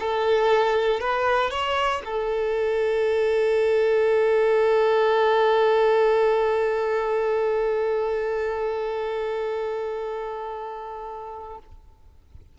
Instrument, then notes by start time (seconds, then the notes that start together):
violin
0.00 A4
1.01 B4
1.51 C#5
2.05 A4